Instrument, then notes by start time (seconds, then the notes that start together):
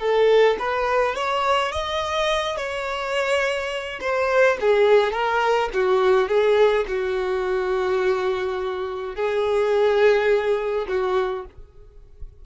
violin
0.00 A4
0.59 B4
1.16 C#5
1.72 D#5
2.57 C#5
4.01 C5
4.61 G#4
5.13 A#4
5.74 F#4
6.29 G#4
6.88 F#4
9.16 G#4
10.89 F#4